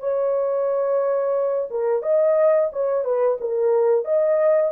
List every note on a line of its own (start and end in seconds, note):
0.00 1.69 C#5
1.71 2.03 A#4
2.03 2.70 D#5
2.73 3.05 C#5
3.05 3.38 B4
3.40 4.05 A#4
4.05 4.72 D#5